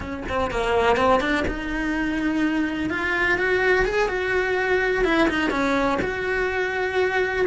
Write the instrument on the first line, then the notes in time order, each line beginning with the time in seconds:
cello
0.00 C#4
0.29 C4
0.50 A#3
0.96 C4
1.20 D4
1.47 D#4
2.90 F4
3.38 F#4
3.85 G#4
4.08 F#4
5.04 E4
5.28 D#4
5.50 C#4
6.02 F#4